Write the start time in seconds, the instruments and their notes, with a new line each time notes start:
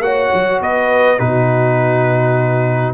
0.00 tuba A#3, trombone F#4, horn C#5, trumpet F#5
0.34 tuba F#3
0.61 tuba B3, horn B4, trumpet D#5
1.19 tuba B2, trombone D#4, horn F#4, trumpet B4